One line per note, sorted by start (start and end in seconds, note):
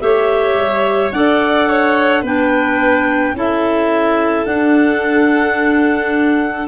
0.00 0.55 A3
0.00 1.11 G4
0.00 1.14 C#5
0.00 1.11 E5
0.55 1.10 G3
1.12 2.22 D4
1.12 2.25 A4
1.12 1.69 D5
1.12 2.23 F#5
1.69 2.21 C#5
2.21 3.34 B3
2.21 3.36 D4
2.21 3.32 B4
2.21 3.37 G5
3.34 4.45 C#4
3.34 4.45 E4
3.34 6.68 A4
3.34 4.45 E5
4.45 6.67 D4
4.45 6.68 D4
4.45 6.67 F#5